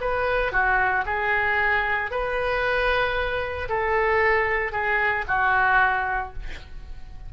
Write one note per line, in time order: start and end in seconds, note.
0.00 0.52 B4
0.52 1.04 F#4
1.05 2.11 G#4
2.11 3.68 B4
3.68 4.72 A4
4.72 5.24 G#4
5.28 6.33 F#4